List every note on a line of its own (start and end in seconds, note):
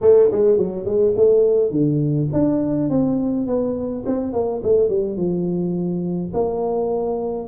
0.01 0.30 A3
0.31 0.57 G#3
0.57 0.85 F#3
0.85 1.14 G#3
1.16 1.70 A3
1.70 2.28 D3
2.32 2.89 D4
2.89 3.46 C4
3.46 4.04 B3
4.05 4.32 C4
4.32 4.61 A#3
4.63 4.89 A3
4.89 5.16 G3
5.16 6.32 F3
6.33 7.48 A#3